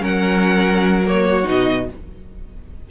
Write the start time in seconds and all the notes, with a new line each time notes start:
0.00 F#3 C#4 A#4 F#5
1.05 A#3 C#5
1.27 F#4
1.44 B2 D#4 D#5